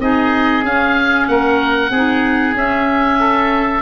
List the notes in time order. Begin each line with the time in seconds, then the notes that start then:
0.00 C4 D#4 G#4 D#5
0.63 C#4 F5
1.28 A#3 A#4 F#5
1.91 C4 D#4 G#4
2.55 C#4 E5
3.20 A4